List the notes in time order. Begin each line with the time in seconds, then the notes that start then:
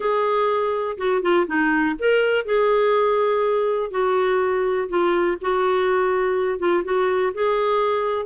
0.00 G#4
0.97 F#4
1.22 F4
1.47 D#4
1.98 A#4
2.45 G#4
3.90 F#4
4.88 F4
5.41 F#4
6.59 F4
6.84 F#4
7.34 G#4